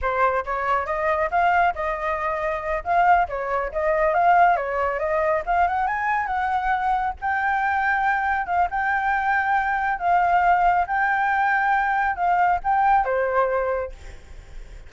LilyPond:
\new Staff \with { instrumentName = "flute" } { \time 4/4 \tempo 4 = 138 c''4 cis''4 dis''4 f''4 | dis''2~ dis''8 f''4 cis''8~ | cis''8 dis''4 f''4 cis''4 dis''8~ | dis''8 f''8 fis''8 gis''4 fis''4.~ |
fis''8 g''2. f''8 | g''2. f''4~ | f''4 g''2. | f''4 g''4 c''2 | }